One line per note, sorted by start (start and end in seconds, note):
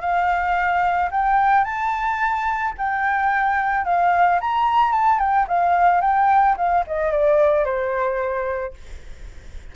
0.00 1.09 F5
1.11 1.64 G5
1.64 2.73 A5
2.77 3.84 G5
3.84 4.39 F5
4.40 4.92 A#5
4.92 5.19 A5
5.19 5.46 G5
5.47 6.01 F5
6.01 6.55 G5
6.57 6.84 F5
6.87 7.11 D#5
7.11 7.64 D5
7.64 8.73 C5